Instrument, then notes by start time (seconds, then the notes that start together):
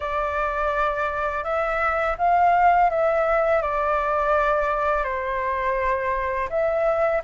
flute
0.00 D5
1.44 E5
2.18 F5
2.89 E5
3.62 D5
5.04 C5
6.49 E5